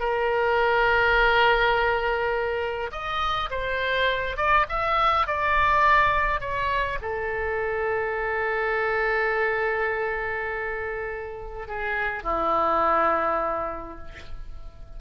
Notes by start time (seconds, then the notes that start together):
0.00 A#4
2.92 D#5
3.51 C5
4.37 D5
4.69 E5
5.27 D5
6.41 C#5
7.02 A4
11.68 G#4
12.24 E4